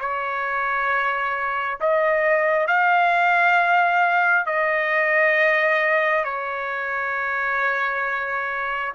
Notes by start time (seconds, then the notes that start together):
0.00 C#5
1.80 D#5
2.67 F5
4.46 D#5
6.24 C#5